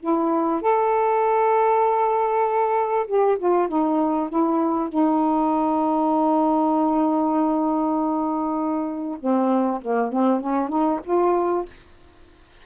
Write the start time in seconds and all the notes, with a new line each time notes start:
0.00 E4
0.61 A4
3.07 G4
3.38 F4
3.68 D#4
4.29 E4
4.89 D#4
9.19 C4
9.81 A#3
10.12 C4
10.40 C#4
10.69 D#4
11.04 F4